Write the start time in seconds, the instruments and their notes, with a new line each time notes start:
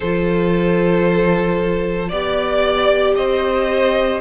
0.00 cello F3, viola F4, violin A4 C5
2.08 cello B3, viola G4, violin D5
3.15 cello C4, violin C5 D#5